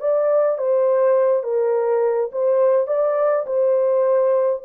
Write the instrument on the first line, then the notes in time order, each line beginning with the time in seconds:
horn
0.00 D5
0.58 C5
1.43 A#4
2.32 C5
2.87 D5
3.46 C5